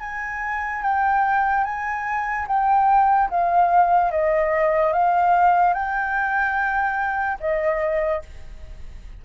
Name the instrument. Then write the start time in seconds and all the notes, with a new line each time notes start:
flute
0.00 G#5
0.82 G5
1.64 G#5
2.47 G5
3.30 F5
4.11 D#5
4.92 F5
5.73 G5
7.40 D#5